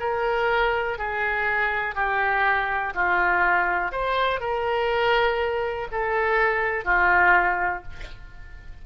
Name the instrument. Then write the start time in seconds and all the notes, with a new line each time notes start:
oboe
0.00 A#4
0.98 G#4
1.95 G4
2.95 F4
3.92 C5
4.40 A#4
5.92 A4
6.85 F4